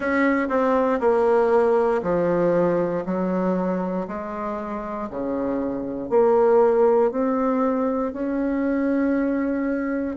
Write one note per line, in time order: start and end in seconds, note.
0.00 0.48 C#4
0.49 0.99 C4
0.99 2.01 A#3
2.02 3.04 F3
3.05 4.07 F#3
4.07 5.09 G#3
5.09 6.09 C#3
6.09 7.11 A#3
7.11 8.13 C4
8.13 10.16 C#4